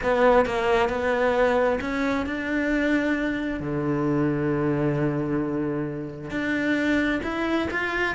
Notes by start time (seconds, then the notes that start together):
0.02 B3
0.45 A#3
0.89 B3
1.80 C#4
2.26 D4
3.60 D3
6.30 D4
7.23 E4
7.70 F4